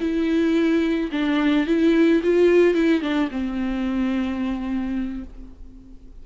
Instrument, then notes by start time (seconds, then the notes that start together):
viola
0.00 E4
1.11 D4
1.66 E4
2.23 F4
2.74 E4
3.01 D4
3.31 C4